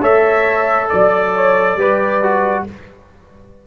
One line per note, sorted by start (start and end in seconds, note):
0.00 0.90 A3
0.00 1.78 A4
0.00 0.88 C#5
0.00 0.88 E5
0.88 1.76 F#3
0.88 2.65 D5
0.88 1.34 D5
1.34 1.78 C#5
1.76 2.64 G3
1.76 2.22 G4
1.76 2.66 B4
2.22 2.66 F#4